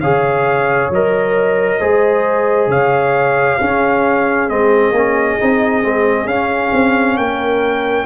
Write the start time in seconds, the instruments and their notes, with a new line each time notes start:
0.00 tuba C#3, trombone G#4, horn C#5, trumpet F5
0.90 tuba F#3, trombone A#4, trumpet D#5
1.80 tuba G#3, trombone G#4, horn C5
2.67 tuba C#3, horn C#5, trumpet F5
3.58 trombone C#4, tuba C#4, horn G#4
4.48 tuba G#3, trombone C4, trumpet D#5
4.91 tuba A#3, trombone C#4
5.39 tuba C4, trombone D#4
5.82 tuba G#3, trombone C4
6.25 tuba C#4, trombone C#4, trumpet F5
6.72 tuba C4
7.17 tuba A#3, horn A#4, trumpet G5